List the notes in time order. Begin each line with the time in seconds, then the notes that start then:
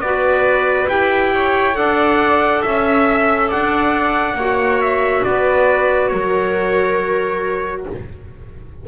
0.00 B3 F#4 B4 D5
0.88 E4 G4 G5
1.34 C#5
1.73 D4 A4 D5 F#5
2.62 C#4 E5
3.48 D4 D5 F#5
4.34 A#3 F#4 C#5
4.81 E5
5.24 B3 B4 D5
6.08 F#3 A#4 C#5